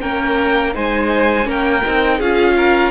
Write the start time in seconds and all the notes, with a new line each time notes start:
0.00 A#3 C#4 A#4 G5
0.74 G#3 D#4 C5 G#5
1.44 A#3 C#4 A#4
1.50 G5
1.85 C4 D#4
2.18 C#4 F4 G#4 F5
2.57 A#4